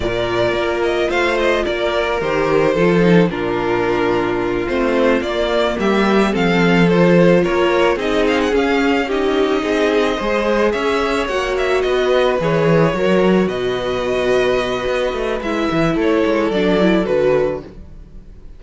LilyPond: <<
  \new Staff \with { instrumentName = "violin" } { \time 4/4 \tempo 4 = 109 d''4. dis''8 f''8 dis''8 d''4 | c''2 ais'2~ | ais'8 c''4 d''4 e''4 f''8~ | f''8 c''4 cis''4 dis''8 f''16 fis''16 f''8~ |
f''8 dis''2. e''8~ | e''8 fis''8 e''8 dis''4 cis''4.~ | cis''8 dis''2.~ dis''8 | e''4 cis''4 d''4 b'4 | }
  \new Staff \with { instrumentName = "violin" } { \time 4/4 ais'2 c''4 ais'4~ | ais'4 a'4 f'2~ | f'2~ f'8 g'4 a'8~ | a'4. ais'4 gis'4.~ |
gis'8 g'4 gis'4 c''4 cis''8~ | cis''4. b'2 ais'8~ | ais'8 b'2.~ b'8~ | b'4 a'2. | }
  \new Staff \with { instrumentName = "viola" } { \time 4/4 f'1 | g'4 f'8 dis'8 d'2~ | d'8 c'4 ais2 c'8~ | c'8 f'2 dis'4 cis'8~ |
cis'8 dis'2 gis'4.~ | gis'8 fis'2 gis'4 fis'8~ | fis'1 | e'2 d'8 e'8 fis'4 | }
  \new Staff \with { instrumentName = "cello" } { \time 4/4 ais,4 ais4 a4 ais4 | dis4 f4 ais,2~ | ais,8 a4 ais4 g4 f8~ | f4. ais4 c'4 cis'8~ |
cis'4. c'4 gis4 cis'8~ | cis'8 ais4 b4 e4 fis8~ | fis8 b,2~ b,8 b8 a8 | gis8 e8 a8 gis8 fis4 d4 | }
>>